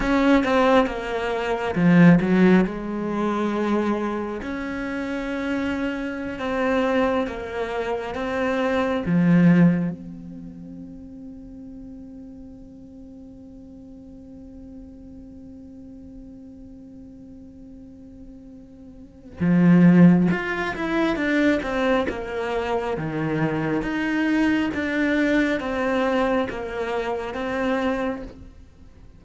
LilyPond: \new Staff \with { instrumentName = "cello" } { \time 4/4 \tempo 4 = 68 cis'8 c'8 ais4 f8 fis8 gis4~ | gis4 cis'2~ cis'16 c'8.~ | c'16 ais4 c'4 f4 c'8.~ | c'1~ |
c'1~ | c'2 f4 f'8 e'8 | d'8 c'8 ais4 dis4 dis'4 | d'4 c'4 ais4 c'4 | }